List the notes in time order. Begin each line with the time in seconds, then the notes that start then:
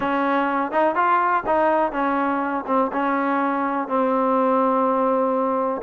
0.00 C#4
0.71 D#4
0.95 F4
1.46 D#4
1.92 C#4
2.67 C4
2.92 C#4
3.88 C4